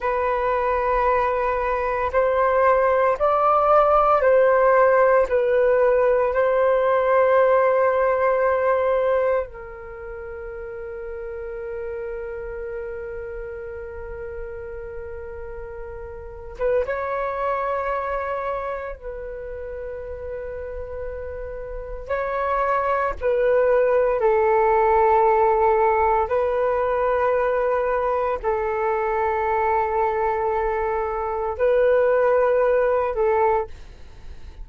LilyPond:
\new Staff \with { instrumentName = "flute" } { \time 4/4 \tempo 4 = 57 b'2 c''4 d''4 | c''4 b'4 c''2~ | c''4 ais'2.~ | ais'2.~ ais'8. b'16 |
cis''2 b'2~ | b'4 cis''4 b'4 a'4~ | a'4 b'2 a'4~ | a'2 b'4. a'8 | }